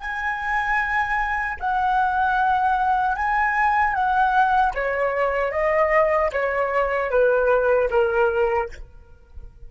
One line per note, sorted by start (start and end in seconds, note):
0.00 1.58 G#5
1.60 3.16 F#5
3.16 3.94 G#5
3.94 4.73 F#5
4.74 5.52 C#5
5.52 6.31 D#5
6.32 7.11 C#5
7.11 7.89 B4
7.91 8.69 A#4